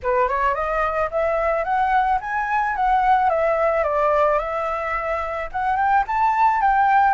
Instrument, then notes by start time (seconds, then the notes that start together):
flute
0.02 B4
0.28 C#5
0.54 D#5
1.10 E5
1.64 F#5
2.20 G#5
2.75 F#5
3.29 E5
3.83 D5
4.39 E5
5.52 F#5
5.76 G5
6.07 A5
6.61 G5